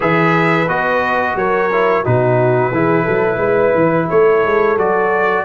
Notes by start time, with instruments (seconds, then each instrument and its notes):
0.00 tuba E3, trombone G#4, horn B4, trumpet E5
0.68 tuba B3, trombone F#4, trumpet D#5
1.35 tuba F#3, horn A#4, trumpet C#5
1.72 trombone E4
2.04 tuba B2, trombone D#4, horn F#4, trumpet B4
2.71 tuba E3, trombone E4, horn G#4
3.04 tuba F#3, horn A4
3.37 tuba G#3, horn B4
3.74 tuba E3
4.09 tuba A3, horn A4, trumpet C#5
4.44 tuba G#3
4.77 tuba F#3, trombone F#4, trumpet D5